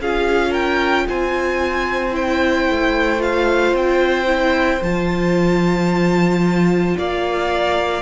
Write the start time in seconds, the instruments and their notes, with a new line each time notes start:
0.00 cello C#4, viola F4, violin G#4 F5
0.51 violin A#4 G5
1.08 cello C4, violin C5 G#5
2.12 viola E4, violin G5
2.70 cello A3
3.19 viola F4, violin F5
3.73 cello C4, violin G5
4.27 viola E4
4.81 cello F3, viola F4, violin A5
6.98 cello A#3, violin D5 F5